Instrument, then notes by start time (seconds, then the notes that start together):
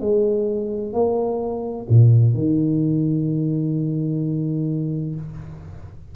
tuba
0.00 G#3
0.93 A#3
1.89 A#2
2.34 D#3